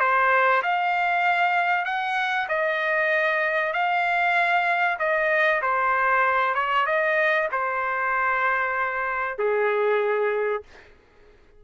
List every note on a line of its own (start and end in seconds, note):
0.00 0.62 C5
0.63 1.85 F5
1.85 2.47 F#5
2.49 3.73 D#5
3.73 4.98 F5
4.99 5.62 D#5
5.62 6.55 C5
6.55 6.86 C#5
6.86 7.49 D#5
7.52 9.38 C5
9.38 10.63 G#4